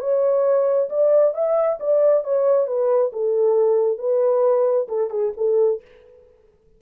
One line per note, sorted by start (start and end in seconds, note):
0.00 0.89 C#5
0.89 1.34 D5
1.34 1.79 E5
1.80 2.24 D5
2.24 2.67 C#5
2.67 3.12 B4
3.12 3.98 A4
3.98 4.87 B4
4.88 5.10 A4
5.10 5.33 G#4
5.37 5.81 A4